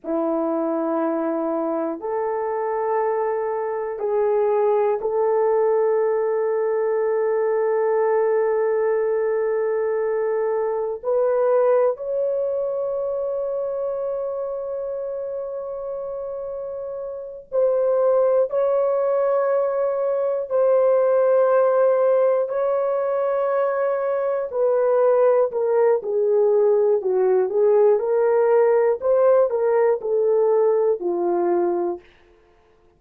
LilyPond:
\new Staff \with { instrumentName = "horn" } { \time 4/4 \tempo 4 = 60 e'2 a'2 | gis'4 a'2.~ | a'2. b'4 | cis''1~ |
cis''4. c''4 cis''4.~ | cis''8 c''2 cis''4.~ | cis''8 b'4 ais'8 gis'4 fis'8 gis'8 | ais'4 c''8 ais'8 a'4 f'4 | }